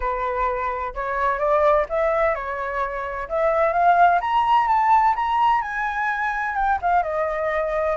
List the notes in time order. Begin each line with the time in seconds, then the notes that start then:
0.00 B4
0.94 C#5
1.38 D5
1.89 E5
2.34 C#5
3.28 E5
3.72 F5
4.20 A#5
4.67 A5
5.15 A#5
5.61 G#5
6.55 G5
6.81 F5
7.02 D#5